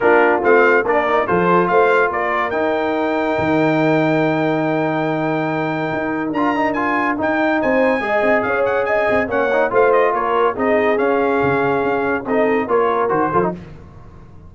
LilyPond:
<<
  \new Staff \with { instrumentName = "trumpet" } { \time 4/4 \tempo 4 = 142 ais'4 f''4 d''4 c''4 | f''4 d''4 g''2~ | g''1~ | g''2. ais''4 |
gis''4 g''4 gis''2 | f''8 fis''8 gis''4 fis''4 f''8 dis''8 | cis''4 dis''4 f''2~ | f''4 dis''4 cis''4 c''4 | }
  \new Staff \with { instrumentName = "horn" } { \time 4/4 f'2 ais'4 a'4 | c''4 ais'2.~ | ais'1~ | ais'1~ |
ais'2 c''4 dis''4 | cis''4 dis''4 cis''4 c''4 | ais'4 gis'2.~ | gis'4 a'4 ais'4. a'8 | }
  \new Staff \with { instrumentName = "trombone" } { \time 4/4 d'4 c'4 d'8 dis'8 f'4~ | f'2 dis'2~ | dis'1~ | dis'2. f'8 dis'8 |
f'4 dis'2 gis'4~ | gis'2 cis'8 dis'8 f'4~ | f'4 dis'4 cis'2~ | cis'4 dis'4 f'4 fis'8 f'16 dis'16 | }
  \new Staff \with { instrumentName = "tuba" } { \time 4/4 ais4 a4 ais4 f4 | a4 ais4 dis'2 | dis1~ | dis2 dis'4 d'4~ |
d'4 dis'4 c'4 gis8 c'8 | cis'4. c'8 ais4 a4 | ais4 c'4 cis'4 cis4 | cis'4 c'4 ais4 dis8 f8 | }
>>